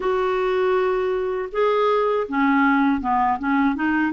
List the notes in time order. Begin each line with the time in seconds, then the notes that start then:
0.00 F#4
1.52 G#4
2.28 C#4
3.00 B3
3.39 C#4
3.75 D#4